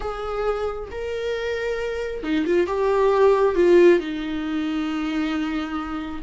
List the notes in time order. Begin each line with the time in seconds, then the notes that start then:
0.00 G#4
0.91 A#4
2.23 D#4
2.46 F4
2.66 G4
3.55 F4
3.99 D#4